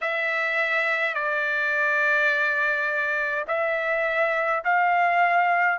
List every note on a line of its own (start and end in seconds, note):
0.01 1.14 E5
1.14 3.45 D5
3.47 4.63 E5
4.64 5.78 F5